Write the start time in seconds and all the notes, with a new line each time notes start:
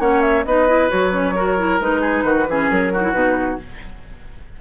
0.00 A#3 C#4 C#5 F#5
0.22 E5
0.45 B3 D#4 B4 D#5
0.68 E4
0.90 F#3 F#4 C#5
1.11 C#4
1.36 F#4 A#4
1.58 E4
1.80 G#3 D#4 B4
2.01 G#4
2.24 D#3 F#4
2.49 E3 C#4 G#4
2.70 F#3 A#4
2.93 D#4 F#4
3.03 E4
3.13 B2 D#4 B4